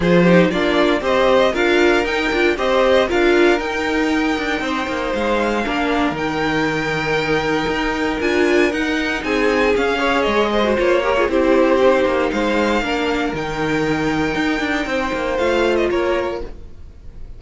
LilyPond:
<<
  \new Staff \with { instrumentName = "violin" } { \time 4/4 \tempo 4 = 117 c''4 d''4 dis''4 f''4 | g''4 dis''4 f''4 g''4~ | g''2 f''2 | g''1 |
gis''4 fis''4 gis''4 f''4 | dis''4 cis''4 c''2 | f''2 g''2~ | g''2 f''8. dis''16 cis''4 | }
  \new Staff \with { instrumentName = "violin" } { \time 4/4 gis'8 g'8 f'4 c''4 ais'4~ | ais'4 c''4 ais'2~ | ais'4 c''2 ais'4~ | ais'1~ |
ais'2 gis'4. cis''8~ | cis''8 c''4 ais'16 gis'16 g'2 | c''4 ais'2.~ | ais'4 c''2 ais'4 | }
  \new Staff \with { instrumentName = "viola" } { \time 4/4 f'8 dis'8 d'4 g'4 f'4 | dis'8 f'8 g'4 f'4 dis'4~ | dis'2. d'4 | dis'1 |
f'4 dis'2 cis'8 gis'8~ | gis'8. fis'16 f'8 g'16 f'16 e'4 dis'4~ | dis'4 d'4 dis'2~ | dis'2 f'2 | }
  \new Staff \with { instrumentName = "cello" } { \time 4/4 f4 ais4 c'4 d'4 | dis'8 d'8 c'4 d'4 dis'4~ | dis'8 d'8 c'8 ais8 gis4 ais4 | dis2. dis'4 |
d'4 dis'4 c'4 cis'4 | gis4 ais4 c'4. ais8 | gis4 ais4 dis2 | dis'8 d'8 c'8 ais8 a4 ais4 | }
>>